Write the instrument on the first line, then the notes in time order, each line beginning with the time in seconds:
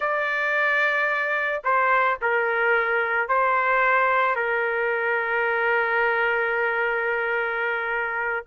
trumpet
0.00 D5
1.64 C5
2.21 A#4
3.28 C5
4.35 A#4